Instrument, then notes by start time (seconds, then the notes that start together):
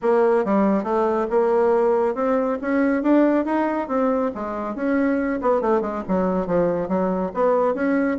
bassoon
0.02 A#3
0.44 G3
0.83 A3
1.29 A#3
2.14 C4
2.61 C#4
3.03 D4
3.45 D#4
3.88 C4
4.34 G#3
4.75 C#4
5.41 B3
5.61 A3
5.81 G#3
6.08 F#3
6.46 F3
6.88 F#3
7.34 B3
7.74 C#4